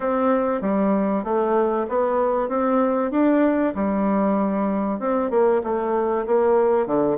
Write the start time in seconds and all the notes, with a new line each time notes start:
0.00 C4
0.61 G3
1.24 A3
1.88 B3
2.49 C4
3.11 D4
3.74 G3
4.99 C4
5.30 A#3
5.63 A3
6.26 A#3
6.86 D3